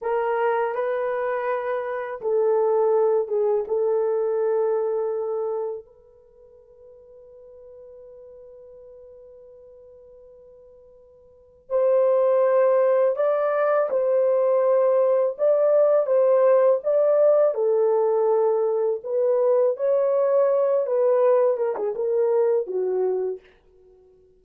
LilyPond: \new Staff \with { instrumentName = "horn" } { \time 4/4 \tempo 4 = 82 ais'4 b'2 a'4~ | a'8 gis'8 a'2. | b'1~ | b'1 |
c''2 d''4 c''4~ | c''4 d''4 c''4 d''4 | a'2 b'4 cis''4~ | cis''8 b'4 ais'16 gis'16 ais'4 fis'4 | }